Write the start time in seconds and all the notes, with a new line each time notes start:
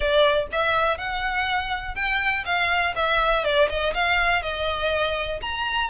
0.00 D5
0.52 E5
0.97 F#5
1.95 G5
2.45 F5
2.95 E5
3.44 D5
3.69 D#5
3.94 F5
4.42 D#5
5.41 A#5